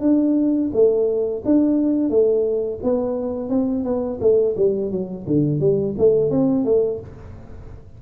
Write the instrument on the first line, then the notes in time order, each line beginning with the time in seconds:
tuba
0.00 D4
0.73 A3
1.45 D4
2.09 A3
2.83 B3
3.49 C4
3.84 B3
4.20 A3
4.56 G3
4.91 F#3
5.26 D3
5.60 G3
5.98 A3
6.30 C4
6.64 A3